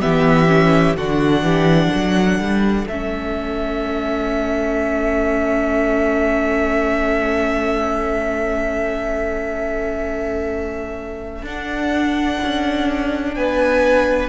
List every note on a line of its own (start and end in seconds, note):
0.00 0.97 E3
0.00 0.48 B3
0.00 0.97 G4
0.00 0.96 E5
0.48 0.95 C#4
0.97 1.42 D3
0.97 2.88 D4
0.97 1.45 F#4
0.97 2.88 F#5
1.42 1.90 E3
1.42 1.90 G4
1.90 2.39 F#3
1.90 13.33 A4
2.39 2.87 G3
2.88 11.42 A3
2.88 11.46 C#4
2.88 11.45 E5
11.42 12.37 D4
11.42 14.29 D4
11.42 13.34 F#5
12.43 13.36 C#4
13.34 14.29 B3
13.34 14.29 B4
13.34 14.29 G#5